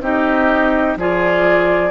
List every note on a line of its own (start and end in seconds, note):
0.00 0.95 C4
0.00 0.97 D#4
0.00 0.98 G4
0.00 0.97 D#5
0.96 1.90 F3
0.96 1.90 F4
0.96 1.90 G#4
0.96 1.90 D5